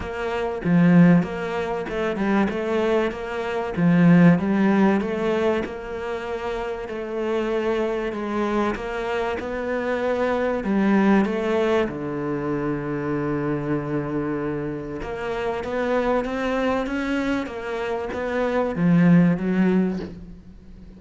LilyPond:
\new Staff \with { instrumentName = "cello" } { \time 4/4 \tempo 4 = 96 ais4 f4 ais4 a8 g8 | a4 ais4 f4 g4 | a4 ais2 a4~ | a4 gis4 ais4 b4~ |
b4 g4 a4 d4~ | d1 | ais4 b4 c'4 cis'4 | ais4 b4 f4 fis4 | }